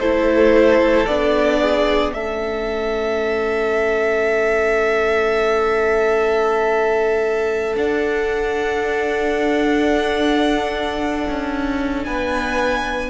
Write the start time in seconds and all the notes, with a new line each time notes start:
0.00 A3 E4 A4 C5
1.06 B3 D4 D5
1.60 G#4
2.14 A3 C#4 A4 E5
7.76 D4 F#5
11.29 C#4
12.04 B3 B4 G#5